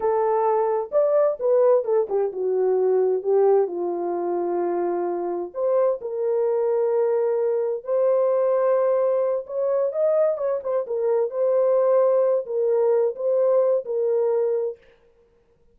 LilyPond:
\new Staff \with { instrumentName = "horn" } { \time 4/4 \tempo 4 = 130 a'2 d''4 b'4 | a'8 g'8 fis'2 g'4 | f'1 | c''4 ais'2.~ |
ais'4 c''2.~ | c''8 cis''4 dis''4 cis''8 c''8 ais'8~ | ais'8 c''2~ c''8 ais'4~ | ais'8 c''4. ais'2 | }